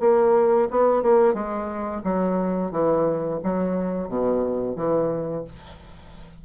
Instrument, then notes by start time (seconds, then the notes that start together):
bassoon
0.00 A#3
0.71 B3
1.03 A#3
1.34 G#3
2.04 F#3
2.72 E3
3.44 F#3
4.08 B2
4.76 E3